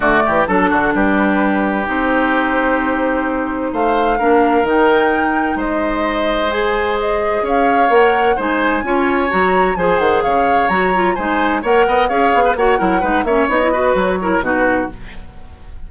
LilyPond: <<
  \new Staff \with { instrumentName = "flute" } { \time 4/4 \tempo 4 = 129 d''4 a'4 b'2 | c''1 | f''2 g''2 | dis''2 gis''4 dis''4 |
f''4 fis''4 gis''2 | ais''4 gis''8 fis''8 f''4 ais''4 | gis''4 fis''4 f''4 fis''4~ | fis''8 e''8 dis''4 cis''4 b'4 | }
  \new Staff \with { instrumentName = "oboe" } { \time 4/4 fis'8 g'8 a'8 fis'8 g'2~ | g'1 | c''4 ais'2. | c''1 |
cis''2 c''4 cis''4~ | cis''4 c''4 cis''2 | c''4 cis''8 dis''8 cis''8. b'16 cis''8 ais'8 | b'8 cis''4 b'4 ais'8 fis'4 | }
  \new Staff \with { instrumentName = "clarinet" } { \time 4/4 a4 d'2. | dis'1~ | dis'4 d'4 dis'2~ | dis'2 gis'2~ |
gis'4 ais'4 dis'4 f'4 | fis'4 gis'2 fis'8 f'8 | dis'4 ais'4 gis'4 fis'8 e'8 | dis'8 cis'8 dis'16 e'16 fis'4 e'8 dis'4 | }
  \new Staff \with { instrumentName = "bassoon" } { \time 4/4 d8 e8 fis8 d8 g2 | c'1 | a4 ais4 dis2 | gis1 |
cis'4 ais4 gis4 cis'4 | fis4 f8 dis8 cis4 fis4 | gis4 ais8 b8 cis'8 b8 ais8 fis8 | gis8 ais8 b4 fis4 b,4 | }
>>